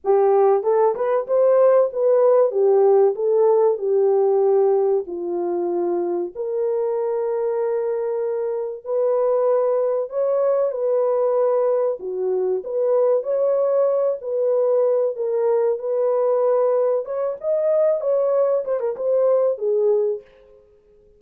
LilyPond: \new Staff \with { instrumentName = "horn" } { \time 4/4 \tempo 4 = 95 g'4 a'8 b'8 c''4 b'4 | g'4 a'4 g'2 | f'2 ais'2~ | ais'2 b'2 |
cis''4 b'2 fis'4 | b'4 cis''4. b'4. | ais'4 b'2 cis''8 dis''8~ | dis''8 cis''4 c''16 ais'16 c''4 gis'4 | }